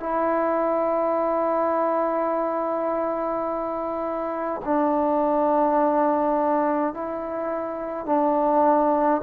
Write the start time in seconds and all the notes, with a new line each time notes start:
0.00 E4
4.65 D4
6.94 E4
8.06 D4